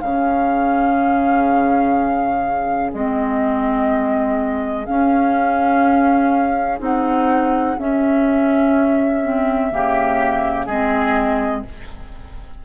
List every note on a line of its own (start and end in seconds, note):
0.00 2.93 C#3
0.00 2.93 C#4
0.00 9.71 G#4
0.00 2.90 F5
2.93 4.87 G#3
2.93 4.86 C4
2.93 4.85 D#5
4.85 6.79 C#4
4.85 6.80 C#4
4.85 6.79 F5
6.79 7.77 C4
6.79 7.75 D#4
6.79 7.78 F#5
7.78 9.71 C#4
7.78 9.23 C#4
7.78 10.66 E5
9.23 9.71 C4
9.71 10.67 C#3
9.71 10.68 A#3
9.71 10.66 G4
10.66 11.64 G#3
10.66 11.65 C4
10.66 11.62 G#4
10.66 11.62 D#5